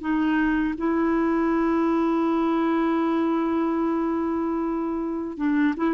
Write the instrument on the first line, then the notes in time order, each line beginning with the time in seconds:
clarinet
0.00 D#4
0.77 E4
5.37 D4
5.77 E4